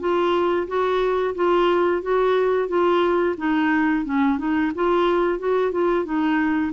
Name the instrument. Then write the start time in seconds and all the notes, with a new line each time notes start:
clarinet
0.00 F4
0.67 F#4
1.35 F4
2.03 F#4
2.68 F4
3.38 D#4
4.05 C#4
4.39 D#4
4.75 F4
5.39 F#4
5.72 F4
6.05 D#4